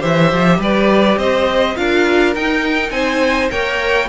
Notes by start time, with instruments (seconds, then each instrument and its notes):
0.00 cello E3, viola G4, violin C5 E5
0.33 cello F3
0.59 cello G3, violin B4 D5
1.18 cello C4, violin C5 D#5
1.77 cello D4, viola F4, violin A#4 F5
2.35 cello D#4, viola D#4, violin G5
2.91 cello C4, violin C5 G#5
3.51 cello A#3, viola A#4, violin C#5 G5